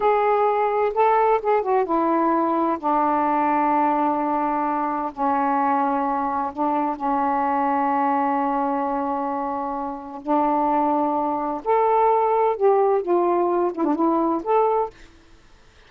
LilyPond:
\new Staff \with { instrumentName = "saxophone" } { \time 4/4 \tempo 4 = 129 gis'2 a'4 gis'8 fis'8 | e'2 d'2~ | d'2. cis'4~ | cis'2 d'4 cis'4~ |
cis'1~ | cis'2 d'2~ | d'4 a'2 g'4 | f'4. e'16 d'16 e'4 a'4 | }